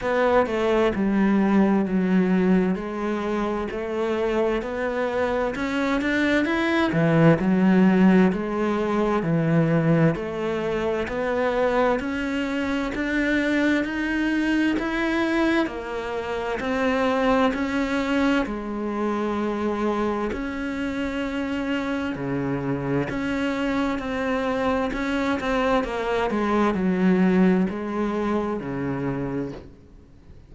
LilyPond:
\new Staff \with { instrumentName = "cello" } { \time 4/4 \tempo 4 = 65 b8 a8 g4 fis4 gis4 | a4 b4 cis'8 d'8 e'8 e8 | fis4 gis4 e4 a4 | b4 cis'4 d'4 dis'4 |
e'4 ais4 c'4 cis'4 | gis2 cis'2 | cis4 cis'4 c'4 cis'8 c'8 | ais8 gis8 fis4 gis4 cis4 | }